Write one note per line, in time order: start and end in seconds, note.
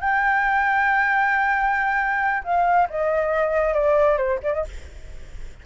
0.00 2.43 G5
2.43 2.88 F5
2.89 3.73 D#5
3.73 4.17 D5
4.17 4.39 C5
4.43 4.53 D5
4.53 4.64 D#5